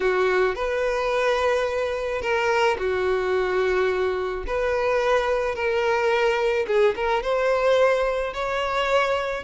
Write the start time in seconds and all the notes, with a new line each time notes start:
0.00 F#4
0.55 B4
2.21 A#4
2.78 F#4
4.46 B4
5.55 A#4
6.67 G#4
6.96 A#4
7.22 C5
8.33 C#5